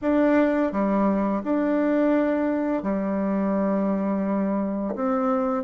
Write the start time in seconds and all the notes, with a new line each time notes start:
0.01 D4
0.72 G3
1.43 D4
2.82 G3
4.95 C4